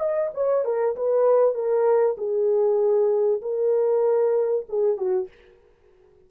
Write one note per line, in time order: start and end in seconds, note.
0.00 0.31 D#5
0.35 0.65 C#5
0.65 0.96 A#4
0.96 1.55 B4
1.55 2.17 A#4
2.18 3.42 G#4
3.42 4.66 A#4
4.69 4.98 G#4
4.98 5.29 F#4